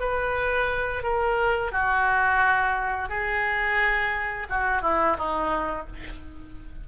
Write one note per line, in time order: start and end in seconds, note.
0.00 1.03 B4
1.03 1.71 A#4
1.71 3.09 F#4
3.09 4.47 G#4
4.49 4.82 F#4
4.82 5.16 E4
5.18 5.87 D#4